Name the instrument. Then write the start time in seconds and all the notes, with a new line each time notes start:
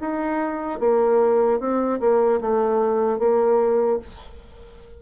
bassoon
0.00 D#4
0.79 A#3
1.59 C4
2.00 A#3
2.40 A3
3.18 A#3